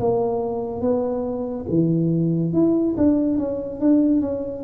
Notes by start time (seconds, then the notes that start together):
0.00 A#3
0.82 B3
1.70 E3
2.53 E4
2.98 D4
3.38 C#4
3.80 D4
4.21 C#4